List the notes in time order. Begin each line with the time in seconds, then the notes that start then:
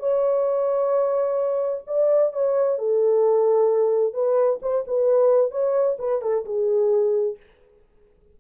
0.00 C#5
1.87 D5
2.33 C#5
2.79 A4
4.14 B4
4.62 C5
4.88 B4
5.51 C#5
5.99 B4
6.22 A4
6.46 G#4